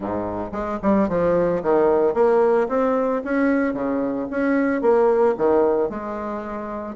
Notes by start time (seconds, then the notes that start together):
0.00 G#2
0.52 G#3
0.82 G3
1.09 F3
1.62 D#3
2.14 A#3
2.68 C4
3.24 C#4
3.73 C#3
4.30 C#4
4.81 A#3
5.37 D#3
5.89 G#3